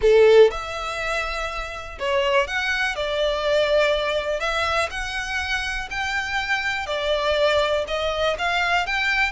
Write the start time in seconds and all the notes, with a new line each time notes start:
0.01 A4
0.51 E5
1.99 C#5
2.47 F#5
2.95 D5
4.39 E5
4.90 F#5
5.90 G5
6.86 D5
7.87 D#5
8.38 F5
8.86 G5